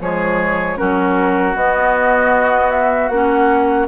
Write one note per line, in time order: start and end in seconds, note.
0.00 0.78 F3
0.00 0.77 G#3
0.00 0.79 G#4
0.00 0.77 C#5
0.77 1.55 F#3
0.77 1.55 C#4
0.77 3.88 F#4
0.77 1.55 A#4
1.55 3.09 B3
1.55 3.11 B3
1.55 2.70 D#5
2.70 3.08 E5
3.08 3.87 A#3
3.08 3.88 C#4
3.08 3.86 F#5